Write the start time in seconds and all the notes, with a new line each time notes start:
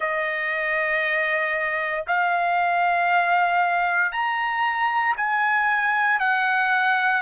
0.00 D#5
2.07 F5
4.11 A#5
5.17 G#5
6.19 F#5